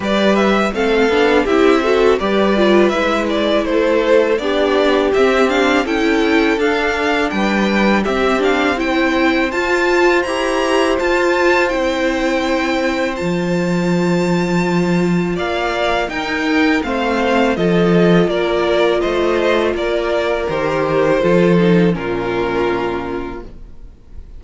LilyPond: <<
  \new Staff \with { instrumentName = "violin" } { \time 4/4 \tempo 4 = 82 d''8 e''8 f''4 e''4 d''4 | e''8 d''8 c''4 d''4 e''8 f''8 | g''4 f''4 g''4 e''8 f''8 | g''4 a''4 ais''4 a''4 |
g''2 a''2~ | a''4 f''4 g''4 f''4 | dis''4 d''4 dis''4 d''4 | c''2 ais'2 | }
  \new Staff \with { instrumentName = "violin" } { \time 4/4 b'4 a'4 g'8 a'8 b'4~ | b'4 a'4 g'2 | a'2 b'4 g'4 | c''1~ |
c''1~ | c''4 d''4 ais'4 c''4 | a'4 ais'4 c''4 ais'4~ | ais'4 a'4 f'2 | }
  \new Staff \with { instrumentName = "viola" } { \time 4/4 g'4 c'8 d'8 e'8 fis'8 g'8 f'8 | e'2 d'4 c'8 d'8 | e'4 d'2 c'8 d'8 | e'4 f'4 g'4 f'4 |
e'2 f'2~ | f'2 dis'4 c'4 | f'1 | g'4 f'8 dis'8 cis'2 | }
  \new Staff \with { instrumentName = "cello" } { \time 4/4 g4 a8 b8 c'4 g4 | gis4 a4 b4 c'4 | cis'4 d'4 g4 c'4~ | c'4 f'4 e'4 f'4 |
c'2 f2~ | f4 ais4 dis'4 a4 | f4 ais4 a4 ais4 | dis4 f4 ais,2 | }
>>